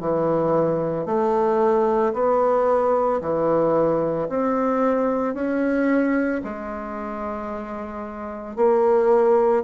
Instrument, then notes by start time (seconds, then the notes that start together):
bassoon
0.00 E3
1.06 A3
2.13 B3
3.21 E3
4.29 C4
5.34 C#4
6.43 G#3
8.56 A#3